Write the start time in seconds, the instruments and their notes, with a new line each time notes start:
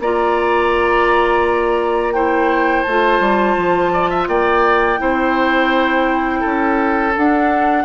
0.00 bassoon A#3, clarinet F4, oboe D5, flute A#5
2.13 clarinet E4, oboe C5, flute G5
2.83 bassoon A3, flute A5
2.90 clarinet F4
3.20 bassoon G3
3.57 bassoon F3
3.93 oboe D5
4.10 oboe E5
4.28 bassoon A#3, oboe D5, flute G5
4.98 bassoon C4, clarinet E4, oboe C5
6.41 bassoon C#4, oboe A4
7.17 clarinet D4, bassoon D4, flute F#5